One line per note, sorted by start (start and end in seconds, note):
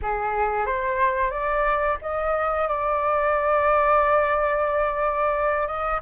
0.02 0.66 G#4
0.66 1.31 C5
1.31 1.97 D5
2.01 2.68 D#5
2.68 5.67 D5
5.67 6.00 D#5